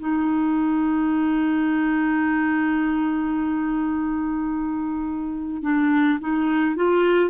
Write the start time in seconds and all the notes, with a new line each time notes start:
0.00 D#4
5.63 D4
6.20 D#4
6.76 F4